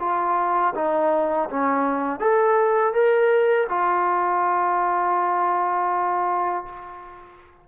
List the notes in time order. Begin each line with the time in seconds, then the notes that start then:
0.00 F4
0.75 D#4
1.50 C#4
2.20 A4
2.94 A#4
3.69 F4